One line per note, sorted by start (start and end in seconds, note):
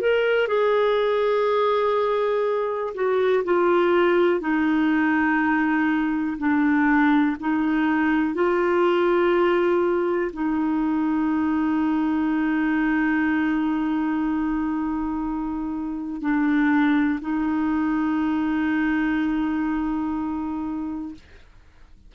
0.00 0.47 A#4
0.47 2.93 G#4
2.94 3.43 F#4
3.44 4.40 F4
4.40 6.37 D#4
6.38 7.36 D4
7.40 8.34 D#4
8.34 10.31 F4
10.33 16.21 D#4
16.21 17.20 D4
17.21 21.14 D#4